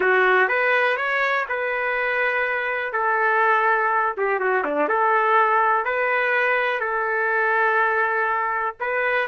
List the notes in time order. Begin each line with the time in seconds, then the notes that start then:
0.00 F#4
0.48 B4
0.96 C#5
1.49 B4
2.92 A4
4.17 G4
4.39 F#4
4.64 D4
4.88 A4
5.84 B4
6.79 A4
8.80 B4